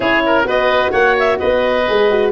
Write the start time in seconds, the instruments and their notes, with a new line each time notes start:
0.00 tuba C#4, horn E4, oboe G#4, clarinet C#5
0.25 oboe A#4
0.44 tuba B3, horn F#4, oboe B4, clarinet D#5
0.91 tuba A#3, oboe C#5, clarinet F#5
1.19 clarinet E5
1.38 tuba B3, oboe B4, clarinet D#5
1.87 tuba G#3, horn G#4
2.10 horn F#4